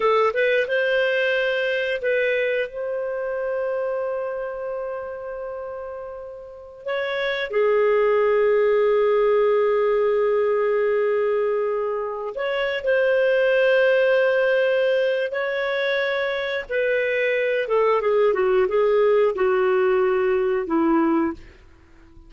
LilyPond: \new Staff \with { instrumentName = "clarinet" } { \time 4/4 \tempo 4 = 90 a'8 b'8 c''2 b'4 | c''1~ | c''2~ c''16 cis''4 gis'8.~ | gis'1~ |
gis'2~ gis'8 cis''8. c''8.~ | c''2. cis''4~ | cis''4 b'4. a'8 gis'8 fis'8 | gis'4 fis'2 e'4 | }